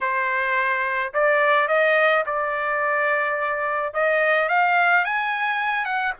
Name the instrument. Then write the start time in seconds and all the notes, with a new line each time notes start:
trumpet
0.01 C5
1.13 D5
1.68 D#5
2.26 D5
3.93 D#5
4.48 F5
5.04 G#5
5.85 F#5